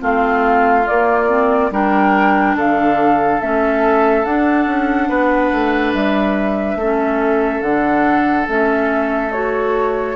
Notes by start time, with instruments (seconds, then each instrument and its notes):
0.00 bassoon A3, clarinet C4, oboe F4, flute F5
0.87 bassoon A#3, clarinet A#3, flute D5
1.29 clarinet C4
1.71 bassoon G3, clarinet D4, oboe A#4, flute G5
2.56 bassoon D3, oboe A4, flute F5
3.41 bassoon A3, clarinet C#4, flute E5
4.25 bassoon D4, clarinet D4, flute F#5
4.67 bassoon C#4
5.09 bassoon B3, oboe B4
5.52 bassoon A3
5.94 bassoon G3, flute E5
6.76 bassoon A3, clarinet C#4, oboe A4
7.62 bassoon D3, clarinet D4, flute F#5
8.48 bassoon A3, clarinet C#4, flute E5
9.33 clarinet F#4, flute C#5